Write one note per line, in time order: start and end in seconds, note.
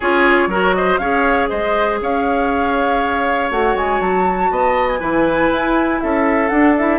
0.00 0.47 C#4
0.00 0.50 F4
0.00 0.48 G#4
0.00 0.74 C#5
0.47 0.97 F#3
0.47 1.00 F#4
0.47 0.75 A#4
0.74 1.00 C5
0.74 0.97 D#5
0.97 1.49 C#4
0.97 3.50 G#4
0.97 1.49 C#5
0.97 1.47 F5
1.48 2.01 G#3
1.48 1.99 C5
1.48 1.98 D#5
2.01 3.50 C#4
2.01 4.51 C#5
2.01 3.51 F5
3.50 3.75 A3
3.50 4.99 F#4
3.50 3.76 F#5
3.75 4.00 G#3
3.75 4.01 G#5
4.00 4.50 F#3
4.00 4.87 A5
4.50 5.00 B3
4.50 4.99 D#5
4.87 6.00 G#5
4.99 5.51 E3
4.99 6.49 E4
4.99 5.99 B4
5.51 6.01 E4
6.00 6.50 C#4
6.00 6.98 A4
6.00 6.48 E5
6.48 6.75 D4
6.48 6.98 D4
6.48 6.73 F#5
6.77 6.98 E4
6.77 6.98 E5